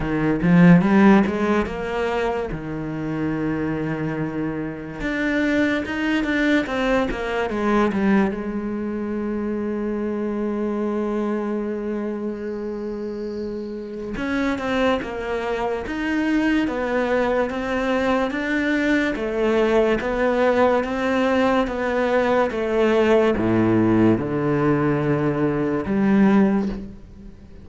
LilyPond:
\new Staff \with { instrumentName = "cello" } { \time 4/4 \tempo 4 = 72 dis8 f8 g8 gis8 ais4 dis4~ | dis2 d'4 dis'8 d'8 | c'8 ais8 gis8 g8 gis2~ | gis1~ |
gis4 cis'8 c'8 ais4 dis'4 | b4 c'4 d'4 a4 | b4 c'4 b4 a4 | a,4 d2 g4 | }